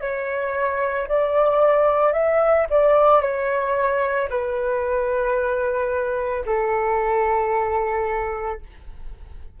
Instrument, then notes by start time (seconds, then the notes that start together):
flute
0.00 C#5
1.08 D5
2.13 E5
2.70 D5
3.21 C#5
4.30 B4
6.46 A4